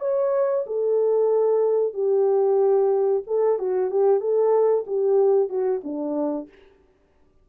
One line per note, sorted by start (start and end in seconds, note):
0.00 0.65 C#5
0.66 1.94 A4
1.94 3.23 G4
3.27 3.59 A4
3.59 3.91 F#4
3.91 4.20 G4
4.20 4.85 A4
4.87 5.49 G4
5.49 5.81 F#4
5.84 6.48 D4